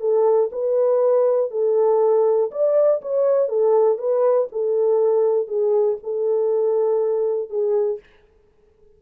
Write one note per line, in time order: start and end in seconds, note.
0.00 0.50 A4
0.52 1.51 B4
1.51 2.51 A4
2.51 3.01 D5
3.02 3.49 C#5
3.49 3.98 A4
3.98 4.48 B4
4.52 5.48 A4
5.48 5.98 G#4
6.03 7.50 A4
7.50 8.00 G#4